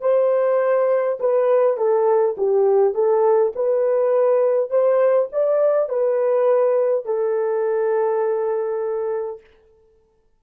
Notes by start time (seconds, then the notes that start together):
0.00 C5
1.19 B4
1.77 A4
2.37 G4
2.94 A4
3.55 B4
4.70 C5
5.32 D5
5.89 B4
7.05 A4